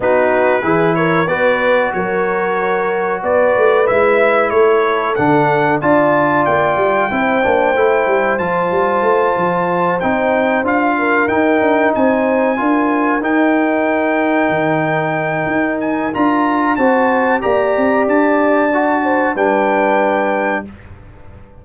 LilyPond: <<
  \new Staff \with { instrumentName = "trumpet" } { \time 4/4 \tempo 4 = 93 b'4. cis''8 d''4 cis''4~ | cis''4 d''4 e''4 cis''4 | fis''4 a''4 g''2~ | g''4 a''2~ a''8 g''8~ |
g''8 f''4 g''4 gis''4.~ | gis''8 g''2.~ g''8~ | g''8 gis''8 ais''4 a''4 ais''4 | a''2 g''2 | }
  \new Staff \with { instrumentName = "horn" } { \time 4/4 fis'4 gis'8 ais'8 b'4 ais'4~ | ais'4 b'2 a'4~ | a'4 d''2 c''4~ | c''1~ |
c''4 ais'4. c''4 ais'8~ | ais'1~ | ais'2 c''4 d''4~ | d''4. c''8 b'2 | }
  \new Staff \with { instrumentName = "trombone" } { \time 4/4 dis'4 e'4 fis'2~ | fis'2 e'2 | d'4 f'2 e'8 d'8 | e'4 f'2~ f'8 dis'8~ |
dis'8 f'4 dis'2 f'8~ | f'8 dis'2.~ dis'8~ | dis'4 f'4 fis'4 g'4~ | g'4 fis'4 d'2 | }
  \new Staff \with { instrumentName = "tuba" } { \time 4/4 b4 e4 b4 fis4~ | fis4 b8 a8 gis4 a4 | d4 d'4 ais8 g8 c'8 ais8 | a8 g8 f8 g8 a8 f4 c'8~ |
c'8 d'4 dis'8 d'8 c'4 d'8~ | d'8 dis'2 dis4. | dis'4 d'4 c'4 ais8 c'8 | d'2 g2 | }
>>